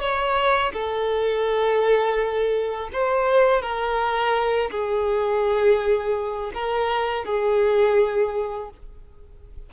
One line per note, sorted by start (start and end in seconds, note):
0.00 0.72 C#5
0.73 2.90 A4
2.93 3.61 C5
3.61 4.70 A#4
4.71 6.51 G#4
6.54 7.25 A#4
7.25 8.69 G#4